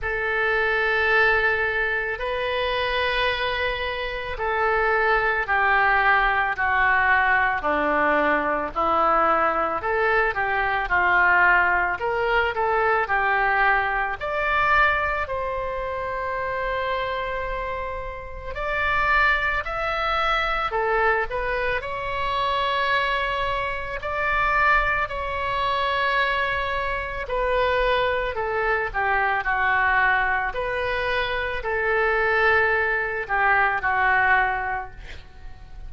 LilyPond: \new Staff \with { instrumentName = "oboe" } { \time 4/4 \tempo 4 = 55 a'2 b'2 | a'4 g'4 fis'4 d'4 | e'4 a'8 g'8 f'4 ais'8 a'8 | g'4 d''4 c''2~ |
c''4 d''4 e''4 a'8 b'8 | cis''2 d''4 cis''4~ | cis''4 b'4 a'8 g'8 fis'4 | b'4 a'4. g'8 fis'4 | }